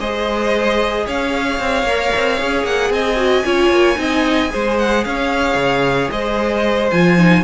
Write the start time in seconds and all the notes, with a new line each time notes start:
0.00 G#3 G#4 C5 D#5
1.06 C#4 C#5 F5
1.59 C4
1.83 A#3
1.89 A#4
2.16 C4
2.38 C#4 G#4
2.64 A#3 F#5
2.90 C4 D#5 G#5
3.16 F#4
3.45 C#4 F4 C#5
3.69 A#3
3.96 C4 D#4 D#5
4.50 G#3 G#4 C5
4.78 F#5
5.04 C#4 C#5 F5
5.55 C#3
6.11 G#3 C5 D#5
6.91 F3 F4 G#5
7.18 D#4